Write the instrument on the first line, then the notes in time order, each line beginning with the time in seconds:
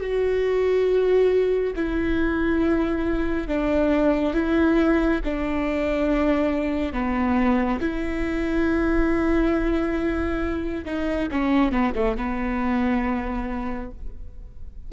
viola
0.00 F#4
1.76 E4
3.48 D4
4.34 E4
5.25 D4
6.93 B3
7.81 E4
10.85 D#4
11.32 C#4
11.72 B3
11.96 A3
12.17 B3